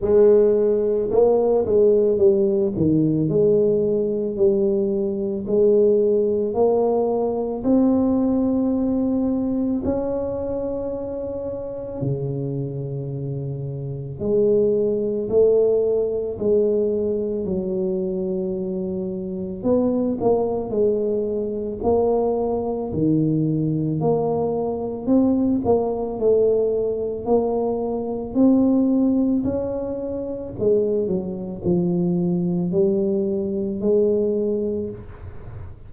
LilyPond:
\new Staff \with { instrumentName = "tuba" } { \time 4/4 \tempo 4 = 55 gis4 ais8 gis8 g8 dis8 gis4 | g4 gis4 ais4 c'4~ | c'4 cis'2 cis4~ | cis4 gis4 a4 gis4 |
fis2 b8 ais8 gis4 | ais4 dis4 ais4 c'8 ais8 | a4 ais4 c'4 cis'4 | gis8 fis8 f4 g4 gis4 | }